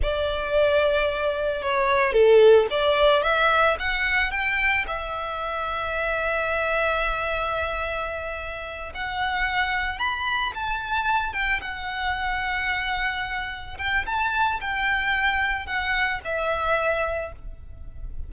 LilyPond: \new Staff \with { instrumentName = "violin" } { \time 4/4 \tempo 4 = 111 d''2. cis''4 | a'4 d''4 e''4 fis''4 | g''4 e''2.~ | e''1~ |
e''8 fis''2 b''4 a''8~ | a''4 g''8 fis''2~ fis''8~ | fis''4. g''8 a''4 g''4~ | g''4 fis''4 e''2 | }